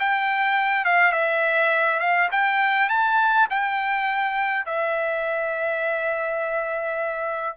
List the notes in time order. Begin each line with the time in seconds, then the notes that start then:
0.00 G5
0.85 F5
1.12 E5
2.00 F5
2.32 G5
2.90 A5
3.50 G5
4.66 E5